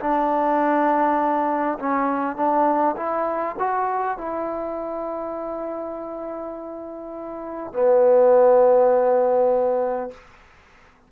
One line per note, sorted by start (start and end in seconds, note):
0.00 1.78 D4
1.79 2.36 C#4
2.36 2.95 D4
2.96 3.56 E4
3.59 4.18 F#4
4.18 7.73 E4
7.73 10.11 B3